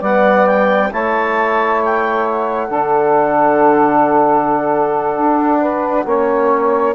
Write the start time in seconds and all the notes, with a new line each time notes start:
0.00 G3 B3 D5 F#5
0.46 G5
0.92 A3 E4 C#5 A5
1.84 G5
2.28 F#5
2.67 D3 D4 A4
5.17 D4
5.60 B4
6.05 A#3 C#4 C#5